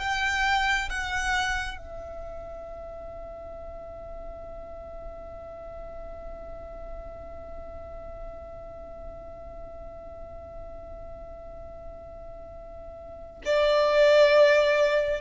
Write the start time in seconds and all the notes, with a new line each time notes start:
0.00 G5
0.90 F#5
1.78 E5
13.45 D5